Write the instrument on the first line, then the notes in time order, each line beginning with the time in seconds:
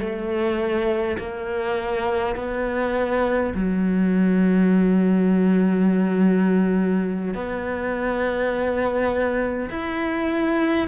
cello
0.00 A3
1.18 A#3
2.35 B3
3.55 F#3
7.34 B3
9.70 E4